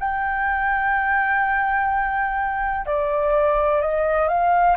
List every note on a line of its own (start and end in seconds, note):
0.00 2.86 G5
2.86 3.82 D5
3.82 4.28 D#5
4.28 4.77 F5